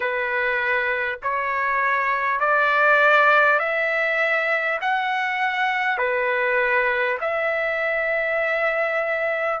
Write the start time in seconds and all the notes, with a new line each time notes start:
0.00 B4
1.23 C#5
2.40 D5
3.59 E5
4.81 F#5
5.98 B4
7.21 E5